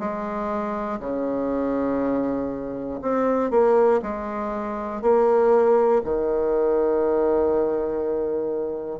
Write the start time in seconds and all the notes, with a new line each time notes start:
0.00 G#3
1.00 C#3
3.02 C4
3.51 A#3
4.02 G#3
5.02 A#3
6.05 D#3